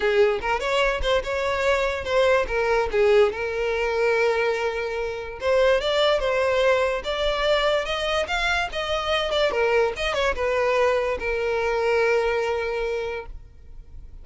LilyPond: \new Staff \with { instrumentName = "violin" } { \time 4/4 \tempo 4 = 145 gis'4 ais'8 cis''4 c''8 cis''4~ | cis''4 c''4 ais'4 gis'4 | ais'1~ | ais'4 c''4 d''4 c''4~ |
c''4 d''2 dis''4 | f''4 dis''4. d''8 ais'4 | dis''8 cis''8 b'2 ais'4~ | ais'1 | }